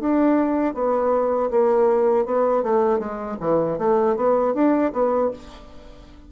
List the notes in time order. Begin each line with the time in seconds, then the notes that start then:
0.00 D4
0.74 B3
1.51 A#3
2.26 B3
2.63 A3
2.99 G#3
3.40 E3
3.78 A3
4.16 B3
4.54 D4
4.93 B3